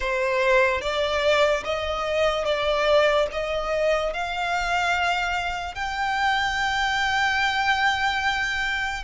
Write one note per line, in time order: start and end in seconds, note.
0.00 0.81 C5
0.81 1.63 D5
1.64 2.44 D#5
2.44 3.27 D5
3.31 4.13 D#5
4.13 5.75 F5
5.75 9.03 G5